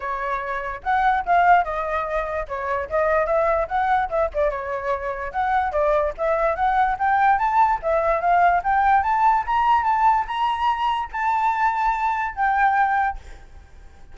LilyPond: \new Staff \with { instrumentName = "flute" } { \time 4/4 \tempo 4 = 146 cis''2 fis''4 f''4 | dis''2 cis''4 dis''4 | e''4 fis''4 e''8 d''8 cis''4~ | cis''4 fis''4 d''4 e''4 |
fis''4 g''4 a''4 e''4 | f''4 g''4 a''4 ais''4 | a''4 ais''2 a''4~ | a''2 g''2 | }